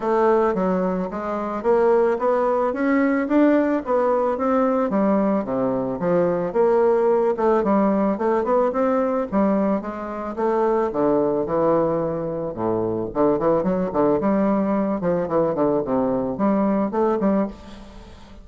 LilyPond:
\new Staff \with { instrumentName = "bassoon" } { \time 4/4 \tempo 4 = 110 a4 fis4 gis4 ais4 | b4 cis'4 d'4 b4 | c'4 g4 c4 f4 | ais4. a8 g4 a8 b8 |
c'4 g4 gis4 a4 | d4 e2 a,4 | d8 e8 fis8 d8 g4. f8 | e8 d8 c4 g4 a8 g8 | }